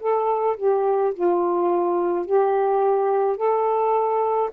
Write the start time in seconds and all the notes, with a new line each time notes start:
0.00 A4
0.57 G4
1.14 F4
2.26 G4
3.37 A4